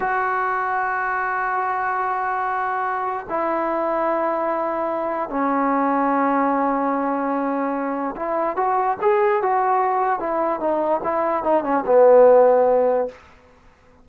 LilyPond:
\new Staff \with { instrumentName = "trombone" } { \time 4/4 \tempo 4 = 147 fis'1~ | fis'1 | e'1~ | e'4 cis'2.~ |
cis'1 | e'4 fis'4 gis'4 fis'4~ | fis'4 e'4 dis'4 e'4 | dis'8 cis'8 b2. | }